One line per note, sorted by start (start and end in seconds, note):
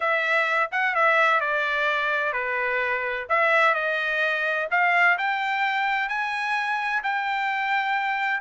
0.00 0.70 E5
0.71 0.94 F#5
0.94 1.40 E5
1.40 2.32 D5
2.32 3.26 B4
3.29 3.74 E5
3.74 4.68 D#5
4.70 5.17 F5
5.18 6.08 G5
6.08 7.02 G#5
7.03 8.40 G5